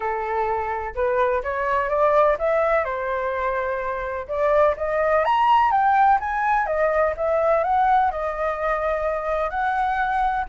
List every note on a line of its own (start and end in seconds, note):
0.00 0.94 A4
0.94 1.42 B4
1.43 1.89 C#5
1.89 2.37 D5
2.38 2.84 E5
2.84 4.27 C5
4.28 4.75 D5
4.77 5.24 D#5
5.24 5.71 A#5
5.71 6.18 G5
6.19 6.66 G#5
6.66 7.14 D#5
7.17 7.63 E5
7.63 8.11 F#5
8.11 9.50 D#5
9.50 10.45 F#5